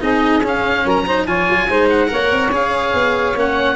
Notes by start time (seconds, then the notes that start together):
0.00 C4 D#4 G#4 D#5
0.42 C#4 F5
0.85 F#3 A#4 A#5
1.06 D#4 C5
1.26 F3 F4 C#5 G#5
1.50 F#3
1.68 G#3 D#4 C5
1.89 F#5
2.07 A#3 A#4 C#5
2.31 C4
2.51 C#4 G#4 F5
2.93 B3
3.35 A#3 C#4 F#5